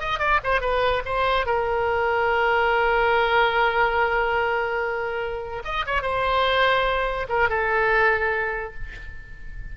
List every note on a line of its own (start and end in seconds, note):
0.00 0.19 D#5
0.19 0.40 D5
0.44 0.61 C5
0.61 1.03 B4
1.05 1.46 C5
1.46 5.63 A#4
5.65 5.85 D#5
5.86 6.02 C#5
6.02 7.27 C5
7.29 7.49 A#4
7.49 8.74 A4